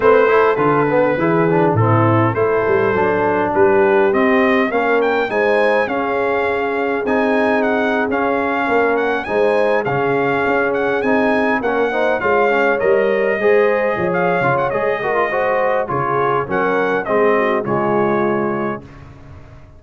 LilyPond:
<<
  \new Staff \with { instrumentName = "trumpet" } { \time 4/4 \tempo 4 = 102 c''4 b'2 a'4 | c''2 b'4 dis''4 | f''8 g''8 gis''4 f''2 | gis''4 fis''8. f''4. fis''8 gis''16~ |
gis''8. f''4. fis''8 gis''4 fis''16~ | fis''8. f''4 dis''2~ dis''16 | f''8. fis''16 dis''2 cis''4 | fis''4 dis''4 cis''2 | }
  \new Staff \with { instrumentName = "horn" } { \time 4/4 b'8 a'4. gis'4 e'4 | a'2 g'2 | ais'4 c''4 gis'2~ | gis'2~ gis'8. ais'4 c''16~ |
c''8. gis'2. ais'16~ | ais'16 c''8 cis''2 c''4 cis''16~ | cis''4. ais'8 c''4 gis'4 | ais'4 gis'8 fis'8 f'2 | }
  \new Staff \with { instrumentName = "trombone" } { \time 4/4 c'8 e'8 f'8 b8 e'8 d'8 c'4 | e'4 d'2 c'4 | cis'4 dis'4 cis'2 | dis'4.~ dis'16 cis'2 dis'16~ |
dis'8. cis'2 dis'4 cis'16~ | cis'16 dis'8 f'8 cis'8 ais'4 gis'4~ gis'16~ | gis'8 f'8 gis'8 fis'16 f'16 fis'4 f'4 | cis'4 c'4 gis2 | }
  \new Staff \with { instrumentName = "tuba" } { \time 4/4 a4 d4 e4 a,4 | a8 g8 fis4 g4 c'4 | ais4 gis4 cis'2 | c'4.~ c'16 cis'4 ais4 gis16~ |
gis8. cis4 cis'4 c'4 ais16~ | ais8. gis4 g4 gis4 f16~ | f8 cis8 gis2 cis4 | fis4 gis4 cis2 | }
>>